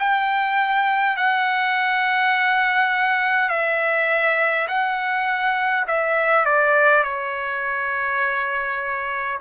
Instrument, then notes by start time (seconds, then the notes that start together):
trumpet
0.00 G5
1.17 F#5
3.50 E5
4.68 F#5
5.88 E5
6.45 D5
7.04 C#5